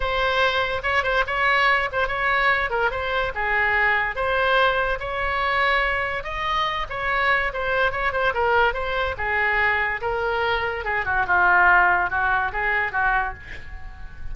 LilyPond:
\new Staff \with { instrumentName = "oboe" } { \time 4/4 \tempo 4 = 144 c''2 cis''8 c''8 cis''4~ | cis''8 c''8 cis''4. ais'8 c''4 | gis'2 c''2 | cis''2. dis''4~ |
dis''8 cis''4. c''4 cis''8 c''8 | ais'4 c''4 gis'2 | ais'2 gis'8 fis'8 f'4~ | f'4 fis'4 gis'4 fis'4 | }